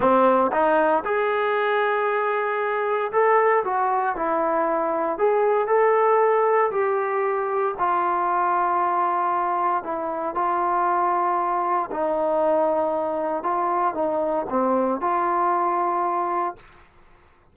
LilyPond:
\new Staff \with { instrumentName = "trombone" } { \time 4/4 \tempo 4 = 116 c'4 dis'4 gis'2~ | gis'2 a'4 fis'4 | e'2 gis'4 a'4~ | a'4 g'2 f'4~ |
f'2. e'4 | f'2. dis'4~ | dis'2 f'4 dis'4 | c'4 f'2. | }